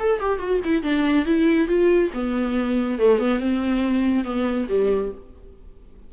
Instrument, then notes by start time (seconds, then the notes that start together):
viola
0.00 A4
0.21 G4
0.40 F#4
0.65 E4
0.83 D4
1.26 E4
1.68 F4
2.14 B3
2.99 A3
3.19 B3
3.40 C4
4.25 B3
4.69 G3